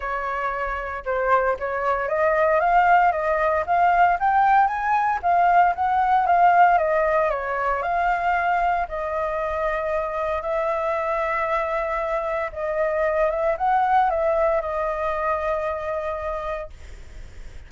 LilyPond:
\new Staff \with { instrumentName = "flute" } { \time 4/4 \tempo 4 = 115 cis''2 c''4 cis''4 | dis''4 f''4 dis''4 f''4 | g''4 gis''4 f''4 fis''4 | f''4 dis''4 cis''4 f''4~ |
f''4 dis''2. | e''1 | dis''4. e''8 fis''4 e''4 | dis''1 | }